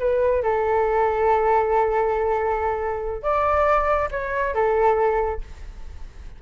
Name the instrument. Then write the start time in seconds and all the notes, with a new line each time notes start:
flute
0.00 B4
0.43 A4
3.23 D5
4.12 C#5
4.55 A4